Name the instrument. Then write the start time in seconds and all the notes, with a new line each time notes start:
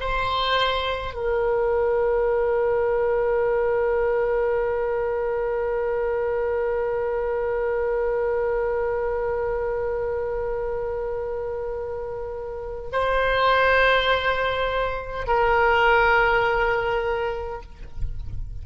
oboe
0.00 C5
1.14 A#4
12.92 C5
15.27 A#4